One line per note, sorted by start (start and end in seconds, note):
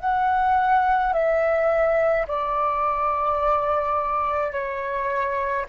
0.00 1.13 F#5
1.13 2.26 E5
2.28 4.52 D5
4.52 5.66 C#5